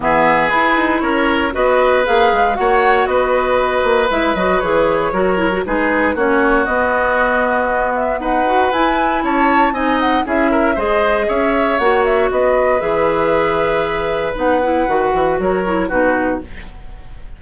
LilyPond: <<
  \new Staff \with { instrumentName = "flute" } { \time 4/4 \tempo 4 = 117 e''4 b'4 cis''4 dis''4 | f''4 fis''4 dis''2 | e''8 dis''8 cis''2 b'4 | cis''4 dis''2~ dis''8 e''8 |
fis''4 gis''4 a''4 gis''8 fis''8 | e''4 dis''4 e''4 fis''8 e''8 | dis''4 e''2. | fis''2 cis''4 b'4 | }
  \new Staff \with { instrumentName = "oboe" } { \time 4/4 gis'2 ais'4 b'4~ | b'4 cis''4 b'2~ | b'2 ais'4 gis'4 | fis'1 |
b'2 cis''4 dis''4 | gis'8 ais'8 c''4 cis''2 | b'1~ | b'2 ais'4 fis'4 | }
  \new Staff \with { instrumentName = "clarinet" } { \time 4/4 b4 e'2 fis'4 | gis'4 fis'2. | e'8 fis'8 gis'4 fis'8 e'16 fis'16 dis'4 | cis'4 b2.~ |
b8 fis'8 e'2 dis'4 | e'4 gis'2 fis'4~ | fis'4 gis'2. | dis'8 e'8 fis'4. e'8 dis'4 | }
  \new Staff \with { instrumentName = "bassoon" } { \time 4/4 e4 e'8 dis'8 cis'4 b4 | ais8 gis8 ais4 b4. ais8 | gis8 fis8 e4 fis4 gis4 | ais4 b2. |
dis'4 e'4 cis'4 c'4 | cis'4 gis4 cis'4 ais4 | b4 e2. | b4 dis8 e8 fis4 b,4 | }
>>